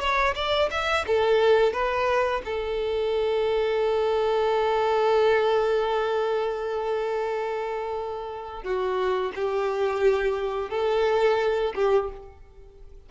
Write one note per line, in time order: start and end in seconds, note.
0.00 0.34 C#5
0.35 0.70 D5
0.71 1.05 E5
1.07 1.73 A4
1.73 2.42 B4
2.45 8.63 A4
8.63 9.32 F#4
9.35 10.70 G4
10.70 11.74 A4
11.75 12.10 G4